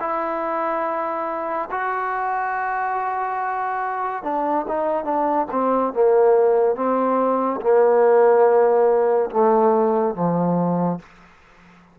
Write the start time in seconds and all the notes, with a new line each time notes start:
0.00 E4
1.71 F#4
4.23 D4
4.68 D#4
5.04 D4
5.51 C4
5.93 A#3
6.76 C4
7.61 A#3
9.30 A3
10.14 F3